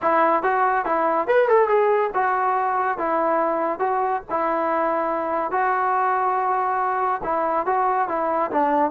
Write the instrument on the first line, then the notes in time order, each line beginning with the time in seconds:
trombone
0.01 E4
0.42 F#4
0.85 E4
1.27 B4
1.48 A4
1.68 G#4
2.14 F#4
2.98 E4
3.79 F#4
4.30 E4
5.51 F#4
7.23 E4
7.66 F#4
8.08 E4
8.51 D4